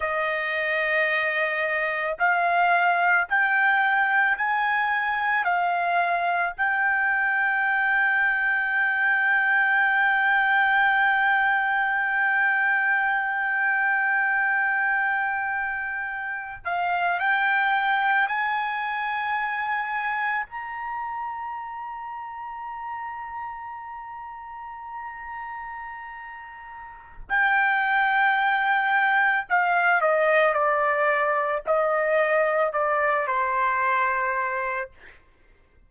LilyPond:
\new Staff \with { instrumentName = "trumpet" } { \time 4/4 \tempo 4 = 55 dis''2 f''4 g''4 | gis''4 f''4 g''2~ | g''1~ | g''2.~ g''16 f''8 g''16~ |
g''8. gis''2 ais''4~ ais''16~ | ais''1~ | ais''4 g''2 f''8 dis''8 | d''4 dis''4 d''8 c''4. | }